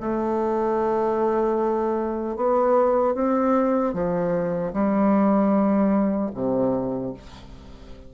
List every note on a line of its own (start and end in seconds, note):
0.00 2.36 A3
2.36 3.14 B3
3.14 3.93 C4
3.93 4.72 F3
4.73 6.31 G3
6.34 7.13 C3